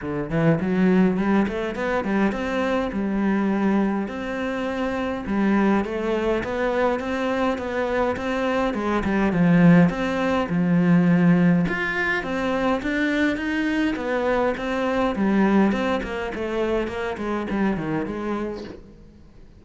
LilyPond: \new Staff \with { instrumentName = "cello" } { \time 4/4 \tempo 4 = 103 d8 e8 fis4 g8 a8 b8 g8 | c'4 g2 c'4~ | c'4 g4 a4 b4 | c'4 b4 c'4 gis8 g8 |
f4 c'4 f2 | f'4 c'4 d'4 dis'4 | b4 c'4 g4 c'8 ais8 | a4 ais8 gis8 g8 dis8 gis4 | }